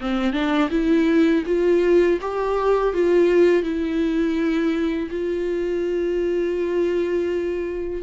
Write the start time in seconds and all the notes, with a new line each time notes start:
0.00 C4
0.32 D4
0.70 E4
1.46 F4
2.21 G4
2.93 F4
3.63 E4
5.10 F4